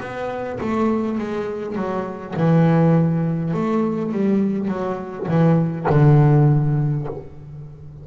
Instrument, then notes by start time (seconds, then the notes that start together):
double bass
0.00 B3
0.60 A3
1.18 G#3
1.75 F#3
2.36 E3
3.53 A3
4.12 G3
4.68 F#3
5.28 E3
5.89 D3